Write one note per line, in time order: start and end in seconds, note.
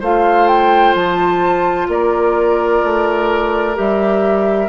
0.00 0.95 A3
0.00 3.75 F4
0.00 1.88 C5
0.00 0.47 F5
0.47 0.94 G5
0.95 1.88 F3
0.95 1.89 A5
1.88 2.82 A#3
1.88 4.68 A#4
1.88 3.77 D5
2.83 3.77 A3
3.75 4.68 G3
3.75 4.68 G4
3.75 4.68 E5